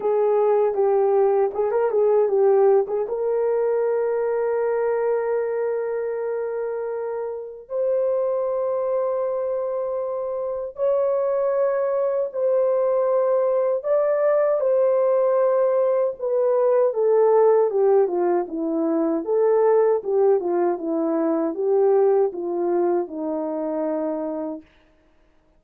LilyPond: \new Staff \with { instrumentName = "horn" } { \time 4/4 \tempo 4 = 78 gis'4 g'4 gis'16 ais'16 gis'8 g'8. gis'16 | ais'1~ | ais'2 c''2~ | c''2 cis''2 |
c''2 d''4 c''4~ | c''4 b'4 a'4 g'8 f'8 | e'4 a'4 g'8 f'8 e'4 | g'4 f'4 dis'2 | }